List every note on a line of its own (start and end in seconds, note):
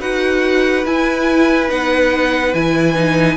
0.00 0.85 D#4
0.00 0.85 F#4
0.00 3.37 B4
0.00 0.85 F#5
0.85 1.70 E4
0.85 1.68 E4
0.85 1.70 G#5
1.68 2.54 B3
1.68 2.53 D#4
1.68 2.54 F#5
2.54 3.37 E3
2.54 2.95 E4
2.54 3.37 G#5
2.95 3.37 D#4